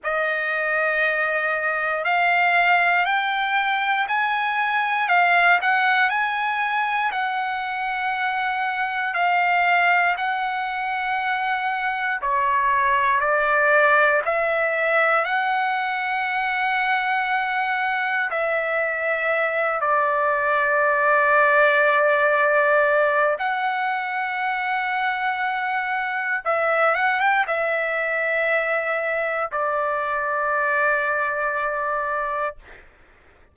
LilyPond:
\new Staff \with { instrumentName = "trumpet" } { \time 4/4 \tempo 4 = 59 dis''2 f''4 g''4 | gis''4 f''8 fis''8 gis''4 fis''4~ | fis''4 f''4 fis''2 | cis''4 d''4 e''4 fis''4~ |
fis''2 e''4. d''8~ | d''2. fis''4~ | fis''2 e''8 fis''16 g''16 e''4~ | e''4 d''2. | }